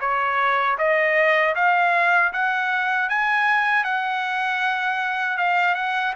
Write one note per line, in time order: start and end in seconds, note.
0.00 0.77 C#5
0.78 1.55 D#5
1.55 2.32 F5
2.32 3.09 F#5
3.09 3.84 G#5
3.84 5.37 F#5
5.37 5.74 F5
5.74 6.13 F#5